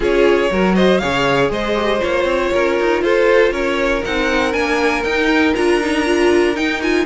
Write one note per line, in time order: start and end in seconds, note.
0.00 0.49 C#4
0.00 0.50 F4
0.00 0.50 G#4
0.00 0.75 C#5
0.50 1.01 F#3
0.50 1.01 F#4
0.50 0.75 A#4
0.75 1.01 C5
0.75 0.98 D#5
0.98 1.50 C#3
0.98 1.75 G#4
0.98 1.51 C#5
0.98 1.48 F5
1.50 2.00 G#3
1.50 2.52 C5
1.50 2.01 D#5
1.75 2.00 G4
2.00 2.24 A#3
2.00 4.01 F4
2.00 3.02 C#5
2.24 2.49 C4
2.52 2.80 C#4
2.52 3.03 A#4
2.80 3.02 D#4
3.02 3.51 F4
3.02 3.52 A4
3.02 3.52 C5
3.51 4.02 C#4
3.51 7.05 A#4
3.51 4.03 C#5
4.01 4.53 C4
4.01 4.51 D#4
4.01 4.52 F#5
4.51 5.03 A#3
4.51 5.02 D4
4.51 5.03 G#5
5.03 5.53 D#4
5.03 5.55 D#4
5.03 5.54 G5
5.55 6.56 D4
5.55 5.80 F4
5.55 6.56 A#5
5.80 6.05 D#4
6.05 6.54 F4
6.54 6.79 D#4
6.54 7.05 D#4
6.54 6.81 G5
6.82 7.05 F4
6.82 7.05 G#5